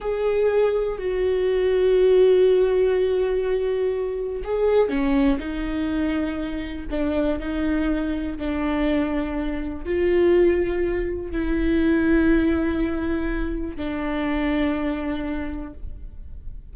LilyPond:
\new Staff \with { instrumentName = "viola" } { \time 4/4 \tempo 4 = 122 gis'2 fis'2~ | fis'1~ | fis'4 gis'4 cis'4 dis'4~ | dis'2 d'4 dis'4~ |
dis'4 d'2. | f'2. e'4~ | e'1 | d'1 | }